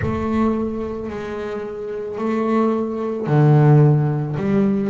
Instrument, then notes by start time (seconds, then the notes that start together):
double bass
0.01 A3
1.09 G#3
2.18 A3
3.26 D3
4.36 G3